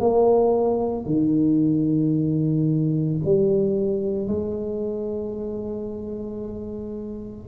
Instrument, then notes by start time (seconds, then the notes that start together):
tuba
0.00 A#3
1.06 D#3
3.25 G3
4.28 G#3